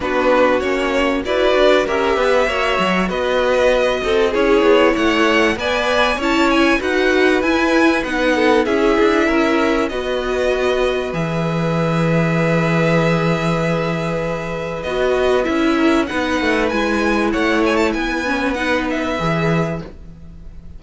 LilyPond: <<
  \new Staff \with { instrumentName = "violin" } { \time 4/4 \tempo 4 = 97 b'4 cis''4 d''4 e''4~ | e''4 dis''2 cis''4 | fis''4 gis''4 a''8 gis''8 fis''4 | gis''4 fis''4 e''2 |
dis''2 e''2~ | e''1 | dis''4 e''4 fis''4 gis''4 | fis''8 gis''16 a''16 gis''4 fis''8 e''4. | }
  \new Staff \with { instrumentName = "violin" } { \time 4/4 fis'2 b'4 ais'8 b'8 | cis''4 b'4. a'8 gis'4 | cis''4 d''4 cis''4 b'4~ | b'4. a'8 gis'4 ais'4 |
b'1~ | b'1~ | b'4. ais'8 b'2 | cis''4 b'2. | }
  \new Staff \with { instrumentName = "viola" } { \time 4/4 d'4 cis'4 fis'4 g'4 | fis'2. e'4~ | e'4 b'4 e'4 fis'4 | e'4 dis'4 e'2 |
fis'2 gis'2~ | gis'1 | fis'4 e'4 dis'4 e'4~ | e'4. cis'8 dis'4 gis'4 | }
  \new Staff \with { instrumentName = "cello" } { \time 4/4 b4 ais4 e'8 d'8 cis'8 b8 | ais8 fis8 b4. c'8 cis'8 b8 | a4 b4 cis'4 dis'4 | e'4 b4 cis'8 d'8 cis'4 |
b2 e2~ | e1 | b4 cis'4 b8 a8 gis4 | a4 b2 e4 | }
>>